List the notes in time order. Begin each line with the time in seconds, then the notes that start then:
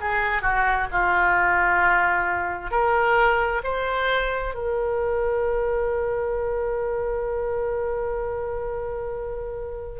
0.00 G#4
0.42 F#4
0.92 F4
2.71 A#4
3.63 C5
4.54 A#4